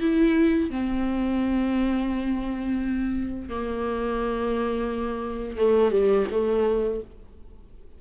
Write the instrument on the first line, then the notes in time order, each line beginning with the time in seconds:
viola
0.00 E4
0.70 C4
3.49 A#3
5.57 A3
5.91 G3
6.31 A3